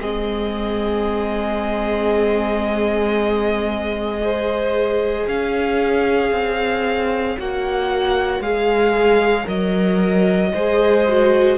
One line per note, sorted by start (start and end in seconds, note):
0.00 5.26 G#3
0.00 4.21 C4
0.00 4.21 G#4
0.00 5.27 D#5
4.21 7.37 G#4
4.21 5.27 C5
5.27 6.31 C#4
5.27 10.53 C#5
5.27 7.39 F5
6.31 7.36 C4
7.37 8.39 A#3
7.37 8.42 F#4
7.37 8.42 F#5
8.39 9.44 G#3
8.39 9.44 G#4
8.39 9.47 F5
9.44 10.52 F#3
9.44 10.49 A#4
9.44 11.57 D#5
10.53 11.57 G#3
10.53 11.07 G#4
10.53 11.57 C5
11.08 11.57 F#4